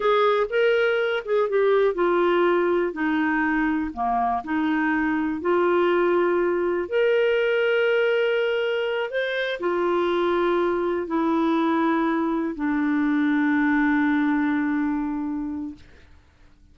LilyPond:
\new Staff \with { instrumentName = "clarinet" } { \time 4/4 \tempo 4 = 122 gis'4 ais'4. gis'8 g'4 | f'2 dis'2 | ais4 dis'2 f'4~ | f'2 ais'2~ |
ais'2~ ais'8 c''4 f'8~ | f'2~ f'8 e'4.~ | e'4. d'2~ d'8~ | d'1 | }